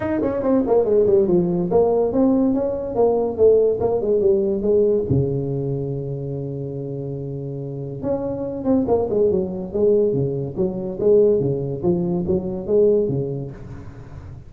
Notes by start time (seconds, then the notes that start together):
0.00 D#4
0.21 C#4
0.42 C4
0.66 A#3
0.85 G#3
1.06 G3
1.27 F3
1.71 A#3
2.12 C4
2.54 C#4
2.95 A#3
3.37 A3
3.80 A#3
4.01 G#3
4.20 G3
4.62 G#3
5.09 C#3
8.02 C#4
8.64 C4
8.87 A#3
9.10 G#3
9.31 F#3
9.73 G#3
10.13 C#3
10.56 F#3
11.00 G#3
11.40 C#3
11.82 F3
12.27 F#3
12.66 G#3
13.08 C#3